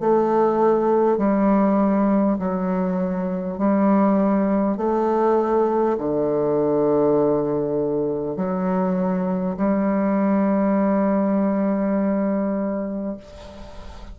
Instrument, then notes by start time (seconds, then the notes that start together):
bassoon
0.00 A3
1.17 G3
2.39 F#3
3.58 G3
4.77 A3
5.98 D3
8.36 F#3
9.57 G3